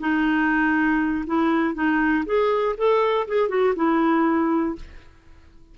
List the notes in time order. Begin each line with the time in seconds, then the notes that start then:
0.00 D#4
1.26 E4
1.74 D#4
2.25 G#4
2.77 A4
3.28 G#4
3.49 F#4
3.76 E4